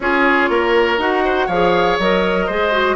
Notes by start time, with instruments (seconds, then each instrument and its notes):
0.00 bassoon C#4, clarinet F4, oboe G#4, flute C#5
0.49 bassoon A#3, oboe A#4
0.98 bassoon D#4, clarinet F#4, flute F#5
1.24 oboe C5
1.46 bassoon F3, clarinet G#4, oboe C#5, flute F5
1.98 bassoon F#3, clarinet A#4, flute D#5
2.46 bassoon G#3, clarinet G#4, oboe C5
2.72 clarinet F#4